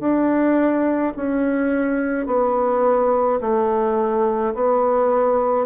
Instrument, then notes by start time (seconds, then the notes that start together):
bassoon
0.00 D4
1.17 C#4
2.26 B3
3.41 A3
4.55 B3